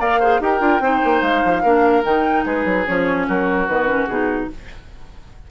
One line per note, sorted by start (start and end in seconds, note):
0.00 0.40 A#3
0.00 0.22 A#4
0.00 0.20 D5
0.00 0.42 F5
0.20 0.41 G#4
0.20 0.40 C5
0.40 0.61 D#4
0.40 0.60 G4
0.40 0.83 A#4
0.40 1.21 G5
0.60 0.80 D4
0.60 0.81 F4
0.80 1.01 C4
0.80 1.64 D#4
0.80 1.63 C5
1.05 1.22 A#3
1.21 1.42 G#3
1.21 2.03 F5
1.45 1.63 F3
1.63 2.04 A#3
1.63 2.03 D4
1.63 2.45 A#4
2.03 2.45 D#3
2.03 2.85 D#4
2.03 2.46 G5
2.45 2.65 G#3
2.45 3.27 G#4
2.45 2.86 B4
2.65 2.86 F#3
2.86 3.28 F3
2.86 3.69 C#4
2.86 3.27 C#5
3.27 3.68 F#3
3.27 4.50 F#4
3.27 3.68 A#4
3.68 4.08 D#3
3.68 3.88 B3
3.68 4.07 B4
3.88 4.08 C#4
4.07 4.49 B2
4.07 4.51 D#4
4.07 4.48 G#4